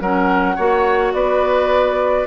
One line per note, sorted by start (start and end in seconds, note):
0.00 0.57 F#3
0.00 0.57 C#4
0.00 0.56 A#4
0.00 1.14 F#5
0.56 1.13 A#3
0.56 2.26 F#4
0.56 1.12 C#5
1.13 2.26 B3
1.13 2.26 B4
1.13 2.26 D5